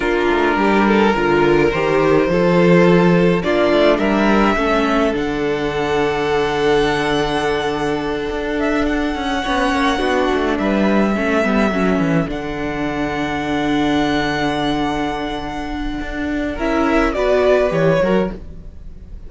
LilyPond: <<
  \new Staff \with { instrumentName = "violin" } { \time 4/4 \tempo 4 = 105 ais'2. c''4~ | c''2 d''4 e''4~ | e''4 fis''2.~ | fis''2. e''8 fis''8~ |
fis''2~ fis''8 e''4.~ | e''4. fis''2~ fis''8~ | fis''1~ | fis''4 e''4 d''4 cis''4 | }
  \new Staff \with { instrumentName = "violin" } { \time 4/4 f'4 g'8 a'8 ais'2 | a'2 f'4 ais'4 | a'1~ | a'1~ |
a'8 cis''4 fis'4 b'4 a'8~ | a'1~ | a'1~ | a'4 ais'4 b'4. ais'8 | }
  \new Staff \with { instrumentName = "viola" } { \time 4/4 d'2 f'4 g'4 | f'2 d'2 | cis'4 d'2.~ | d'1~ |
d'8 cis'4 d'2 cis'8 | b8 cis'4 d'2~ d'8~ | d'1~ | d'4 e'4 fis'4 g'8 fis'8 | }
  \new Staff \with { instrumentName = "cello" } { \time 4/4 ais8 a8 g4 d4 dis4 | f2 ais8 a8 g4 | a4 d2.~ | d2~ d8 d'4. |
cis'8 b8 ais8 b8 a8 g4 a8 | g8 fis8 e8 d2~ d8~ | d1 | d'4 cis'4 b4 e8 fis8 | }
>>